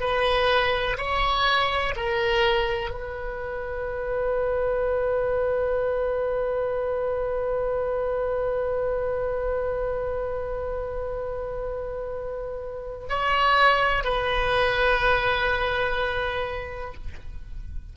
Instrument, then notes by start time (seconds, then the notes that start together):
oboe
0.00 B4
0.98 C#5
1.96 A#4
2.91 B4
13.09 C#5
14.04 B4